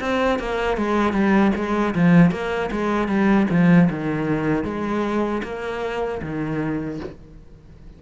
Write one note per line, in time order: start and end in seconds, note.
0.00 0.39 C4
0.39 0.77 A#3
0.77 1.13 G#3
1.13 1.52 G3
1.55 1.94 G#3
1.95 2.31 F3
2.31 2.70 A#3
2.71 3.08 G#3
3.08 3.47 G3
3.50 3.89 F3
3.90 4.64 D#3
4.64 5.42 G#3
5.43 6.21 A#3
6.22 7.00 D#3